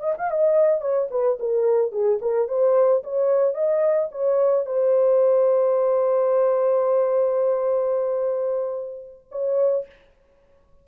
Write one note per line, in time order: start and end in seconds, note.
0.00 0.14 D#5
0.18 0.31 F5
0.31 0.81 D#5
0.81 1.08 C#5
1.11 1.38 B4
1.39 1.92 A#4
1.92 2.19 G#4
2.21 2.48 A#4
2.48 3.03 C5
3.03 3.54 C#5
3.54 4.09 D#5
4.12 4.66 C#5
4.66 9.29 C5
9.31 9.86 C#5